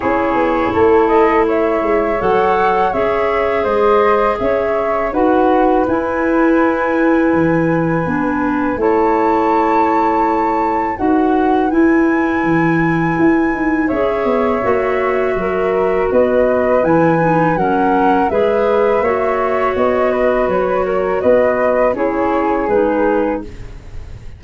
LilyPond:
<<
  \new Staff \with { instrumentName = "flute" } { \time 4/4 \tempo 4 = 82 cis''4. dis''8 e''4 fis''4 | e''4 dis''4 e''4 fis''4 | gis''1 | a''2. fis''4 |
gis''2. e''4~ | e''2 dis''4 gis''4 | fis''4 e''2 dis''4 | cis''4 dis''4 cis''4 b'4 | }
  \new Staff \with { instrumentName = "flute" } { \time 4/4 gis'4 a'4 cis''2~ | cis''4 c''4 cis''4 b'4~ | b'1 | cis''2. b'4~ |
b'2. cis''4~ | cis''4 ais'4 b'2 | ais'4 b'4 cis''4. b'8~ | b'8 ais'8 b'4 gis'2 | }
  \new Staff \with { instrumentName = "clarinet" } { \time 4/4 e'2. a'4 | gis'2. fis'4 | e'2. d'4 | e'2. fis'4 |
e'2. gis'4 | fis'2. e'8 dis'8 | cis'4 gis'4 fis'2~ | fis'2 e'4 dis'4 | }
  \new Staff \with { instrumentName = "tuba" } { \time 4/4 cis'8 b8 a4. gis8 fis4 | cis'4 gis4 cis'4 dis'4 | e'2 e4 b4 | a2. dis'4 |
e'4 e4 e'8 dis'8 cis'8 b8 | ais4 fis4 b4 e4 | fis4 gis4 ais4 b4 | fis4 b4 cis'4 gis4 | }
>>